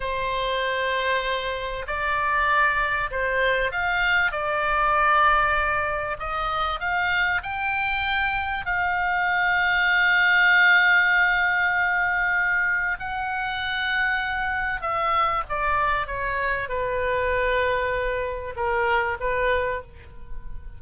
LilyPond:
\new Staff \with { instrumentName = "oboe" } { \time 4/4 \tempo 4 = 97 c''2. d''4~ | d''4 c''4 f''4 d''4~ | d''2 dis''4 f''4 | g''2 f''2~ |
f''1~ | f''4 fis''2. | e''4 d''4 cis''4 b'4~ | b'2 ais'4 b'4 | }